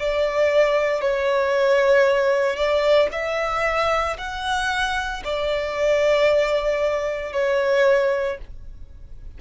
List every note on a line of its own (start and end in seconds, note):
0.00 1.01 D5
1.01 2.56 C#5
2.56 3.09 D5
3.12 4.17 E5
4.18 5.23 F#5
5.25 7.33 D5
7.33 8.38 C#5